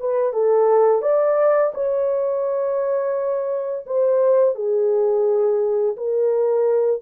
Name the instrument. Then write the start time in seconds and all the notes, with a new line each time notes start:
horn
0.00 B4
0.33 A4
1.02 D5
1.74 C#5
3.87 C5
4.55 G#4
5.97 A#4